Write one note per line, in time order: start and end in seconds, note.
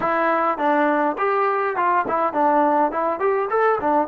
0.00 0.58 E4
0.58 1.16 D4
1.18 1.76 G4
1.76 2.05 F4
2.08 2.33 E4
2.33 2.91 D4
2.91 3.19 E4
3.19 3.48 G4
3.50 3.79 A4
3.80 4.07 D4